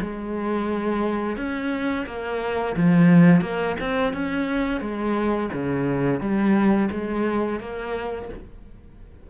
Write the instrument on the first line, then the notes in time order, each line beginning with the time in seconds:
cello
0.00 G#3
1.36 C#4
2.06 A#3
2.76 F3
3.41 A#3
3.80 C4
4.13 C#4
4.80 G#3
5.53 C#3
6.20 G3
6.91 G#3
7.60 A#3